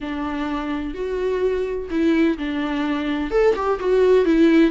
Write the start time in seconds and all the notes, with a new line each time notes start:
0.00 D4
0.94 F#4
1.90 E4
2.38 D4
3.30 A4
3.55 G4
3.79 F#4
4.25 E4